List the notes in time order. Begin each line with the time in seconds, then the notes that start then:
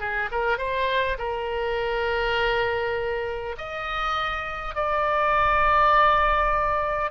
0.00 G#4
0.32 A#4
0.58 C5
1.19 A#4
3.58 D#5
4.75 D5